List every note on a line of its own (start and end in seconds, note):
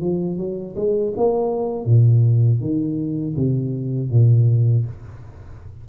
0.00 0.37 F3
0.37 0.75 F#3
0.75 1.13 G#3
1.16 1.85 A#3
1.85 2.60 A#2
2.60 3.35 D#3
3.36 4.10 C3
4.10 4.85 A#2